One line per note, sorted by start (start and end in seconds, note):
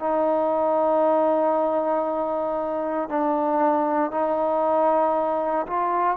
0.00 3.09 D#4
3.09 4.11 D4
4.11 5.67 D#4
5.67 6.17 F4